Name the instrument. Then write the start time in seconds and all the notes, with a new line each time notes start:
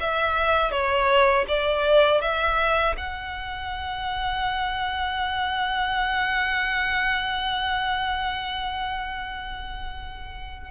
violin
0.00 E5
0.71 C#5
1.48 D5
2.21 E5
2.97 F#5